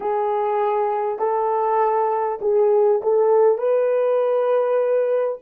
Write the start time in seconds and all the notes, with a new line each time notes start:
0.00 G#4
1.18 A4
2.41 G#4
3.02 A4
3.58 B4